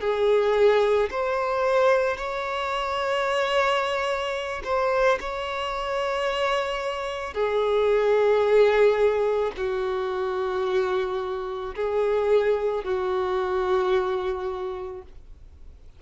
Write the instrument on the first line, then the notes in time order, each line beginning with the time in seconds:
violin
0.00 G#4
1.10 C5
2.17 C#5
4.64 C5
5.20 C#5
7.33 G#4
9.57 F#4
11.75 G#4
12.84 F#4